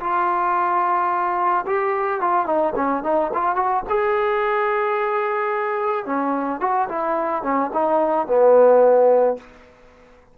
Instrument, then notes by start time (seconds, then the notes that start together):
trombone
0.00 F4
1.66 G4
2.21 F4
2.46 D#4
2.76 C#4
3.03 D#4
3.34 F4
3.56 F#4
3.89 G#4
6.06 C#4
6.60 F#4
6.89 E4
7.43 C#4
7.73 D#4
8.27 B3